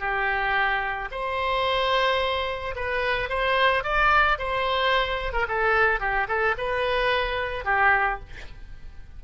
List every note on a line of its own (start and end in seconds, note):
0.00 1.09 G4
1.11 2.75 C5
2.76 3.30 B4
3.30 3.84 C5
3.84 4.38 D5
4.39 5.33 C5
5.33 5.47 A#4
5.48 6.00 A4
6.00 6.28 G4
6.28 6.55 A4
6.58 7.65 B4
7.65 8.20 G4